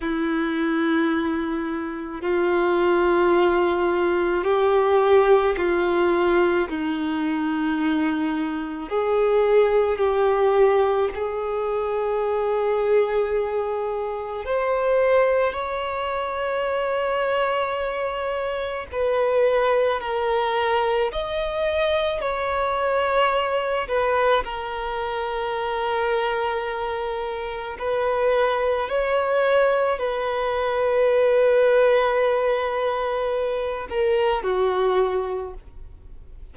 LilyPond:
\new Staff \with { instrumentName = "violin" } { \time 4/4 \tempo 4 = 54 e'2 f'2 | g'4 f'4 dis'2 | gis'4 g'4 gis'2~ | gis'4 c''4 cis''2~ |
cis''4 b'4 ais'4 dis''4 | cis''4. b'8 ais'2~ | ais'4 b'4 cis''4 b'4~ | b'2~ b'8 ais'8 fis'4 | }